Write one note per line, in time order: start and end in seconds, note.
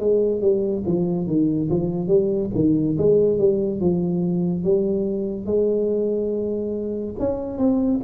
0.00 0.41 G#3
0.41 0.84 G3
0.86 1.27 F3
1.27 1.69 D#3
1.71 2.08 F3
2.08 2.50 G3
2.55 2.97 D#3
2.98 3.38 G#3
3.38 3.81 G3
3.81 4.64 F3
4.64 5.46 G3
5.46 7.15 G#3
7.19 7.58 C#4
7.58 8.01 C4